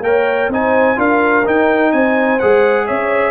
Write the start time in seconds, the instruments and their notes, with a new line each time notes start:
0.00 tuba A#3, trombone A#4, horn C#5, trumpet G5
0.49 tuba C4, trombone D#4, trumpet G#5
0.55 horn C5
0.96 tuba D4, trombone F4, horn A#4, trumpet F5
1.45 trombone D#4, tuba D#4, trumpet G5
1.92 tuba C4, horn C5, trumpet G#5
2.39 tuba G#3, trombone G#4, trumpet F#5
2.86 tuba C#4, horn C#5, trumpet E5